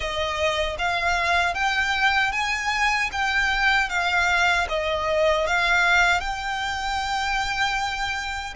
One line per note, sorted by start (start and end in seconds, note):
0.00 0.76 D#5
0.78 1.54 F5
1.54 2.32 G5
2.32 3.10 G#5
3.12 3.89 G5
3.89 4.67 F5
4.68 5.46 D#5
5.47 6.20 F5
6.20 8.54 G5